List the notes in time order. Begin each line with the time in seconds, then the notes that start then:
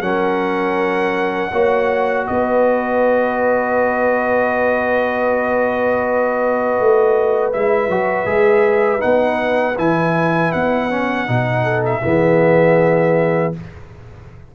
0.00 F#3 C#4 A#4 F#5
1.52 A#3 F#4 C#5
2.26 B3 B4 D#5
6.79 A3
7.53 G#3 E4 E5
7.88 F#3 F#4
8.25 G#3 G#4
8.99 B3 D#4 F#5
9.78 E3 E4 G#5
10.52 B3 F#5
10.90 C#4
11.27 B2 D#4
11.63 A4
11.85 E5
12.03 E3 B3 G#4